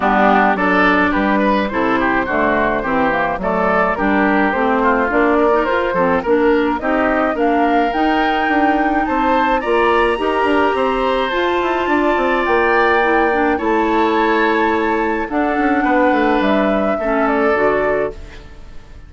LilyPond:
<<
  \new Staff \with { instrumentName = "flute" } { \time 4/4 \tempo 4 = 106 g'4 d''4 b'4 c''4~ | c''2 d''4 ais'4 | c''4 d''4 c''4 ais'4 | dis''4 f''4 g''2 |
a''4 ais''2. | a''2 g''2 | a''2. fis''4~ | fis''4 e''4. d''4. | }
  \new Staff \with { instrumentName = "oboe" } { \time 4/4 d'4 a'4 g'8 b'8 a'8 g'8 | fis'4 g'4 a'4 g'4~ | g'8 f'4 ais'4 a'8 ais'4 | g'4 ais'2. |
c''4 d''4 ais'4 c''4~ | c''4 d''2. | cis''2. a'4 | b'2 a'2 | }
  \new Staff \with { instrumentName = "clarinet" } { \time 4/4 b4 d'2 e'4 | a4 c'8 ais8 a4 d'4 | c'4 d'8. dis'16 f'8 c'8 d'4 | dis'4 d'4 dis'2~ |
dis'4 f'4 g'2 | f'2. e'8 d'8 | e'2. d'4~ | d'2 cis'4 fis'4 | }
  \new Staff \with { instrumentName = "bassoon" } { \time 4/4 g4 fis4 g4 c4 | d4 e4 fis4 g4 | a4 ais4 f'8 f8 ais4 | c'4 ais4 dis'4 d'4 |
c'4 ais4 dis'8 d'8 c'4 | f'8 e'8 d'8 c'8 ais2 | a2. d'8 cis'8 | b8 a8 g4 a4 d4 | }
>>